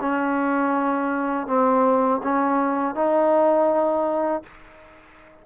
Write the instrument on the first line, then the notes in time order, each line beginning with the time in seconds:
trombone
0.00 C#4
1.47 C4
2.23 C#4
2.95 D#4